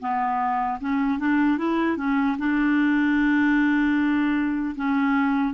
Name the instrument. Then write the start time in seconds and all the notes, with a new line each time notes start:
clarinet
0.00 B3
0.80 C#4
1.18 D4
1.58 E4
1.97 C#4
2.38 D4
4.75 C#4